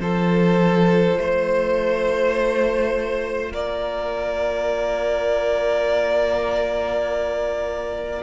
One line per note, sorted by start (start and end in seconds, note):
0.00 1.17 F3
0.00 8.23 F4
0.00 1.19 A4
0.00 3.53 C5
1.17 3.52 A3
1.17 3.51 C5
3.51 8.23 A#3
3.51 8.22 A#4
3.51 8.23 D5